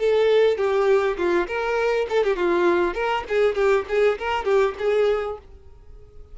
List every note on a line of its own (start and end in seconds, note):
0.00 0.58 A4
0.58 1.17 G4
1.18 1.47 F4
1.48 2.07 A#4
2.10 2.24 A4
2.24 2.37 G4
2.37 2.95 F4
2.95 3.25 A#4
3.29 3.56 G#4
3.56 3.85 G4
3.89 4.19 G#4
4.19 4.45 A#4
4.45 4.75 G4
4.79 5.39 G#4